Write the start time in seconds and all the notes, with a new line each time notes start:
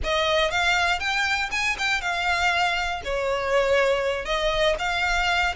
0.03 D#5
0.50 F5
0.99 G5
1.51 G#5
1.78 G5
2.01 F5
3.04 C#5
4.25 D#5
4.79 F5